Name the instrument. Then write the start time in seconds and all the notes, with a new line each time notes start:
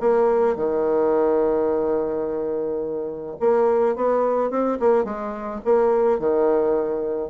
bassoon
0.00 A#3
0.56 D#3
3.40 A#3
3.96 B3
4.50 C4
4.80 A#3
5.04 G#3
5.65 A#3
6.19 D#3